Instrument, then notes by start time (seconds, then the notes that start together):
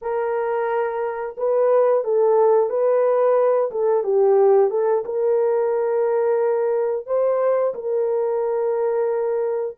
horn
0.01 A#4
1.37 B4
2.04 A4
2.69 B4
3.71 A4
4.03 G4
4.70 A4
5.05 A#4
7.06 C5
7.74 A#4